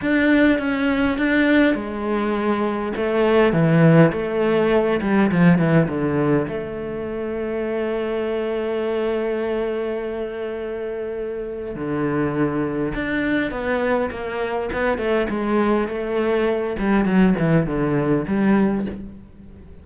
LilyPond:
\new Staff \with { instrumentName = "cello" } { \time 4/4 \tempo 4 = 102 d'4 cis'4 d'4 gis4~ | gis4 a4 e4 a4~ | a8 g8 f8 e8 d4 a4~ | a1~ |
a1 | d2 d'4 b4 | ais4 b8 a8 gis4 a4~ | a8 g8 fis8 e8 d4 g4 | }